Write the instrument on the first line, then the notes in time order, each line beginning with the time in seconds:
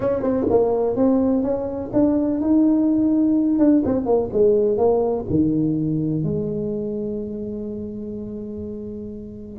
tuba
0.00 C#4
0.22 C4
0.50 A#3
0.96 C4
1.42 C#4
1.93 D4
2.40 D#4
3.58 D4
3.85 C4
4.05 A#3
4.32 G#3
4.77 A#3
5.29 D#3
6.23 G#3